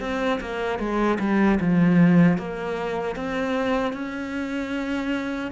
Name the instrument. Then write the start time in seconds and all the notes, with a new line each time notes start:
cello
0.00 C4
0.40 A#3
0.79 G#3
1.19 G3
1.60 F3
2.38 A#3
3.15 C4
3.93 C#4